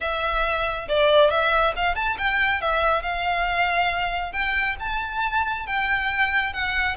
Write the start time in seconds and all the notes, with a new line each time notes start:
0.01 E5
0.88 D5
1.30 E5
1.75 F5
1.95 A5
2.18 G5
2.61 E5
3.02 F5
4.32 G5
4.79 A5
5.66 G5
6.53 F#5